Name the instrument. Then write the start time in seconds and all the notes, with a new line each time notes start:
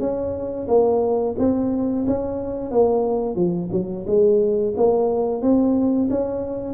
tuba
0.00 C#4
0.68 A#3
1.39 C4
2.07 C#4
2.72 A#3
3.36 F3
3.72 F#3
4.07 G#3
4.77 A#3
5.42 C4
6.10 C#4